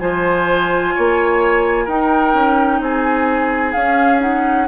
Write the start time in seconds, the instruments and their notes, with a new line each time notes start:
0.00 bassoon F3, clarinet F4, oboe C5, flute G#5
0.95 bassoon A#3, oboe C#5
1.85 bassoon D#4, clarinet D#4, oboe A#4, flute G5
2.34 bassoon C#4
2.81 bassoon C4, oboe G#4, flute G#5
3.73 bassoon C#4, clarinet C#4, flute F5
4.20 clarinet D#4, flute F#5